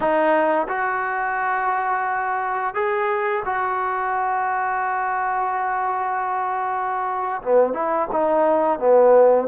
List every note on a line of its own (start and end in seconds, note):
0.00 0.67 D#4
0.68 2.74 F#4
2.74 3.43 G#4
3.45 7.41 F#4
7.42 7.73 B3
7.73 8.08 E4
8.12 8.79 D#4
8.79 9.48 B3